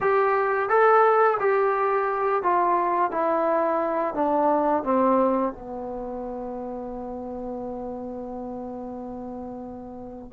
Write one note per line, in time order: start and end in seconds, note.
0.00 0.69 G4
0.69 1.38 A4
1.39 2.42 G4
2.42 3.11 F4
3.11 4.14 E4
4.14 4.83 D4
4.83 5.52 C4
5.52 10.32 B3